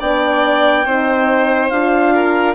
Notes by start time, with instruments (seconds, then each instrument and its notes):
0.00 bassoon B3, horn D4, violin D5, clarinet G5
0.85 bassoon C4, horn D#4, violin C5
1.70 bassoon D4, horn F4, clarinet F5
2.14 violin A#4